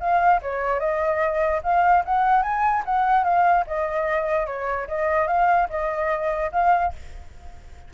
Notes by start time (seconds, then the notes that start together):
0.00 F5
0.42 C#5
0.80 D#5
1.63 F5
2.05 F#5
2.42 G#5
2.85 F#5
3.24 F5
3.67 D#5
4.46 C#5
4.87 D#5
5.27 F5
5.70 D#5
6.52 F5